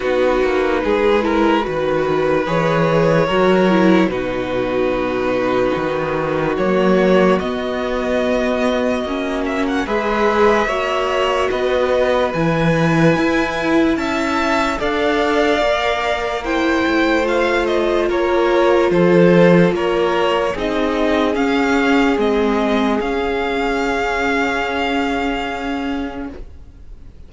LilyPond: <<
  \new Staff \with { instrumentName = "violin" } { \time 4/4 \tempo 4 = 73 b'2. cis''4~ | cis''4 b'2. | cis''4 dis''2~ dis''8 e''16 fis''16 | e''2 dis''4 gis''4~ |
gis''4 a''4 f''2 | g''4 f''8 dis''8 cis''4 c''4 | cis''4 dis''4 f''4 dis''4 | f''1 | }
  \new Staff \with { instrumentName = "violin" } { \time 4/4 fis'4 gis'8 ais'8 b'2 | ais'4 fis'2.~ | fis'1 | b'4 cis''4 b'2~ |
b'4 e''4 d''2 | c''2 ais'4 a'4 | ais'4 gis'2.~ | gis'1 | }
  \new Staff \with { instrumentName = "viola" } { \time 4/4 dis'4. e'8 fis'4 gis'4 | fis'8 e'8 dis'2. | ais4 b2 cis'4 | gis'4 fis'2 e'4~ |
e'2 a'4 ais'4 | e'4 f'2.~ | f'4 dis'4 cis'4 c'4 | cis'1 | }
  \new Staff \with { instrumentName = "cello" } { \time 4/4 b8 ais8 gis4 dis4 e4 | fis4 b,2 dis4 | fis4 b2 ais4 | gis4 ais4 b4 e4 |
e'4 cis'4 d'4 ais4~ | ais8 a4. ais4 f4 | ais4 c'4 cis'4 gis4 | cis'1 | }
>>